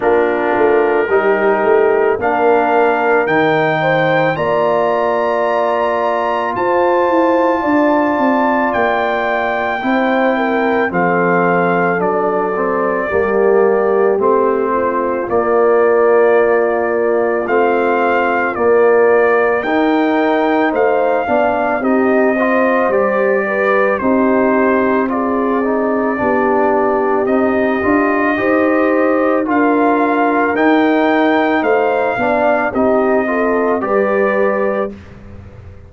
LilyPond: <<
  \new Staff \with { instrumentName = "trumpet" } { \time 4/4 \tempo 4 = 55 ais'2 f''4 g''4 | ais''2 a''2 | g''2 f''4 d''4~ | d''4 c''4 d''2 |
f''4 d''4 g''4 f''4 | dis''4 d''4 c''4 d''4~ | d''4 dis''2 f''4 | g''4 f''4 dis''4 d''4 | }
  \new Staff \with { instrumentName = "horn" } { \time 4/4 f'4 g'4 ais'4. c''8 | d''2 c''4 d''4~ | d''4 c''8 ais'8 a'2 | g'4. f'2~ f'8~ |
f'2 ais'4 c''8 d''8 | g'8 c''4 b'8 g'4 gis'4 | g'2 c''4 ais'4~ | ais'4 c''8 d''8 g'8 a'8 b'4 | }
  \new Staff \with { instrumentName = "trombone" } { \time 4/4 d'4 dis'4 d'4 dis'4 | f'1~ | f'4 e'4 c'4 d'8 c'8 | ais4 c'4 ais2 |
c'4 ais4 dis'4. d'8 | dis'8 f'8 g'4 dis'4 f'8 dis'8 | d'4 dis'8 f'8 g'4 f'4 | dis'4. d'8 dis'8 f'8 g'4 | }
  \new Staff \with { instrumentName = "tuba" } { \time 4/4 ais8 a8 g8 a8 ais4 dis4 | ais2 f'8 e'8 d'8 c'8 | ais4 c'4 f4 fis4 | g4 a4 ais2 |
a4 ais4 dis'4 a8 b8 | c'4 g4 c'2 | b4 c'8 d'8 dis'4 d'4 | dis'4 a8 b8 c'4 g4 | }
>>